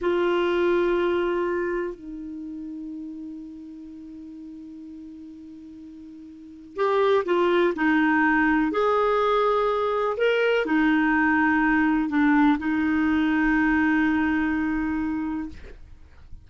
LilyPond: \new Staff \with { instrumentName = "clarinet" } { \time 4/4 \tempo 4 = 124 f'1 | dis'1~ | dis'1~ | dis'2 g'4 f'4 |
dis'2 gis'2~ | gis'4 ais'4 dis'2~ | dis'4 d'4 dis'2~ | dis'1 | }